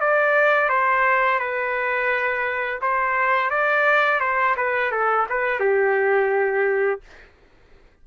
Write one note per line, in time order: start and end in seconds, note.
0.00 0.69 D5
0.69 1.39 C5
1.39 2.80 B4
2.81 3.50 C5
3.50 4.20 D5
4.20 4.55 C5
4.56 4.91 B4
4.91 5.27 A4
5.29 5.59 B4
5.59 7.00 G4